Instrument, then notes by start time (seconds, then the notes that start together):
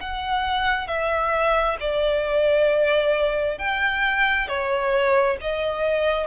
violin
0.00 F#5
0.87 E5
1.80 D5
3.58 G5
4.47 C#5
5.41 D#5